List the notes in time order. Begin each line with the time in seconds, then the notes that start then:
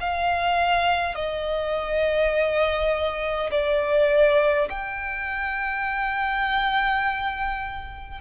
0.00 F5
1.15 D#5
3.50 D5
4.69 G5